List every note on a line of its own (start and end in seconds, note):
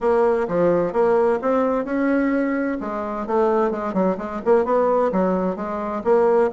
0.00 0.47 A#3
0.48 0.92 F3
0.92 1.39 A#3
1.41 1.85 C4
1.85 2.78 C#4
2.80 3.26 G#3
3.26 3.71 A3
3.71 3.93 G#3
3.93 4.16 F#3
4.17 4.40 G#3
4.45 4.64 A#3
4.64 5.11 B3
5.11 5.56 F#3
5.56 6.02 G#3
6.03 6.50 A#3